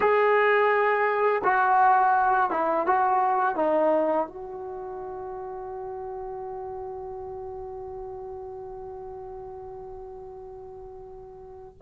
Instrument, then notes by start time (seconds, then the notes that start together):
trombone
0.00 G#4
1.44 F#4
2.50 E4
2.86 F#4
3.55 D#4
4.27 F#4